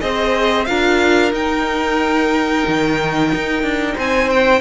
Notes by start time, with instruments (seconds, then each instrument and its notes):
0.00 cello C4, viola G#4, violin C5 D#5
0.65 cello D4, viola F4, violin A#4 F5
1.32 viola D#4, cello D#4, violin G5
2.67 cello D#3
3.34 cello D#4
3.63 cello D4
3.95 cello C4, violin C5 G#5
4.29 violin G5